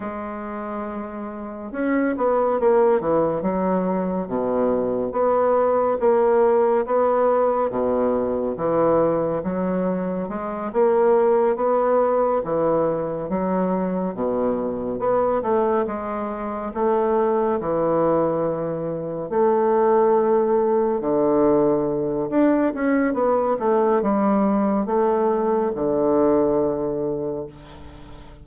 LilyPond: \new Staff \with { instrumentName = "bassoon" } { \time 4/4 \tempo 4 = 70 gis2 cis'8 b8 ais8 e8 | fis4 b,4 b4 ais4 | b4 b,4 e4 fis4 | gis8 ais4 b4 e4 fis8~ |
fis8 b,4 b8 a8 gis4 a8~ | a8 e2 a4.~ | a8 d4. d'8 cis'8 b8 a8 | g4 a4 d2 | }